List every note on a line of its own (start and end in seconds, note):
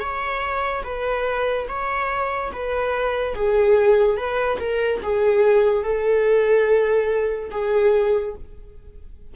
0.00 0.83 C#5
0.84 1.67 B4
1.69 2.52 C#5
2.53 3.35 B4
3.35 4.17 G#4
4.17 4.59 B4
4.59 5.01 A#4
5.03 5.84 G#4
5.84 7.51 A4
7.52 8.35 G#4